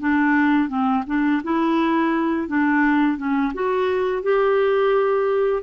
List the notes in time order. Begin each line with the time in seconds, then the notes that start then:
0.00 D4
0.69 C4
1.07 D4
1.44 E4
2.48 D4
3.18 C#4
3.54 F#4
4.23 G4